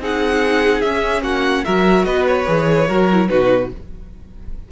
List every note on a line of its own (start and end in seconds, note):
0.00 0.82 C4
0.00 0.84 D#4
0.00 1.23 G#4
0.00 0.81 F#5
0.81 1.22 C#4
0.81 1.66 C#4
0.81 1.22 E5
1.22 1.63 A#3
1.22 1.65 F#4
1.22 1.65 F#5
1.65 2.05 F#3
1.65 2.47 F#4
1.65 2.06 A#4
1.65 2.05 E5
2.05 2.47 B3
2.05 2.88 B4
2.05 2.25 D#5
2.27 3.28 C#5
2.47 2.89 E3
2.47 2.88 G#4
2.88 3.30 F#3
2.88 3.09 F#4
2.88 3.29 A#4
3.12 3.28 E4
3.28 3.72 B2
3.28 3.70 D#4
3.28 3.72 F#4
3.28 3.70 B4